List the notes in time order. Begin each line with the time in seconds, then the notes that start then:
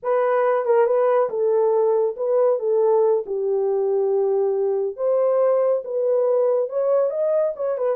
0.02 B4
0.65 A#4
0.86 B4
1.29 A4
2.16 B4
2.59 A4
3.26 G4
4.96 C5
5.84 B4
6.69 C#5
7.10 D#5
7.56 C#5
7.77 B4